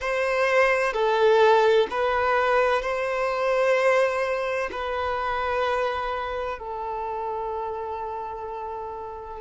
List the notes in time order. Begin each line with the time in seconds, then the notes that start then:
0.00 C5
0.93 A4
1.90 B4
2.82 C5
4.71 B4
6.59 A4